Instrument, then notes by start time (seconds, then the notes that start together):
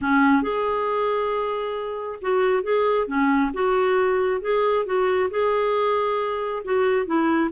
clarinet
0.01 C#4
0.42 G#4
2.21 F#4
2.63 G#4
3.07 C#4
3.53 F#4
4.41 G#4
4.85 F#4
5.30 G#4
6.64 F#4
7.05 E4